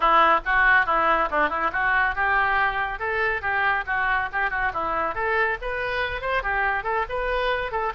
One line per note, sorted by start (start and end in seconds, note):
0.00 0.40 E4
0.45 0.86 F#4
0.86 1.29 E4
1.31 1.49 D4
1.49 1.70 E4
1.72 2.15 F#4
2.15 2.99 G4
2.99 3.41 A4
3.41 3.84 G4
3.86 4.29 F#4
4.32 4.50 G4
4.50 4.71 F#4
4.73 5.14 E4
5.14 5.57 A4
5.61 6.21 B4
6.21 6.42 C5
6.42 6.83 G4
6.83 7.05 A4
7.09 7.71 B4
7.71 7.93 A4